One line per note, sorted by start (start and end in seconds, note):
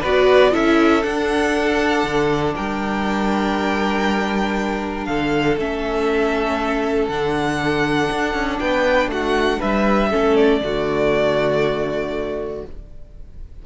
0.00 0.54 B3
0.00 0.51 F#4
0.00 0.50 B4
0.00 0.54 D5
0.51 1.04 C#4
0.51 1.01 E4
0.51 2.54 A4
0.51 1.03 E5
1.03 5.57 D4
1.03 2.03 D4
1.03 2.54 F#5
2.03 2.54 D3
2.55 5.07 G3
2.55 5.07 A#4
2.55 5.05 G5
5.05 5.56 D3
5.05 8.60 A4
5.05 5.55 F5
5.56 7.08 A3
5.56 7.10 C#4
5.56 7.07 E5
7.07 8.09 D3
7.07 10.11 D4
7.07 8.58 F#5
8.11 8.33 D4
8.33 8.59 C#4
8.59 9.07 B3
8.59 9.10 B4
8.59 9.09 G5
9.07 9.57 A3
9.07 9.59 F#4
9.07 9.61 F#5
9.59 10.13 G3
9.59 10.09 B4
9.59 10.36 E5
10.10 10.61 A3
10.10 10.61 C#4
10.10 10.61 A4
10.36 12.62 D5
10.61 12.62 D3
10.61 12.64 A3
10.61 12.66 F#4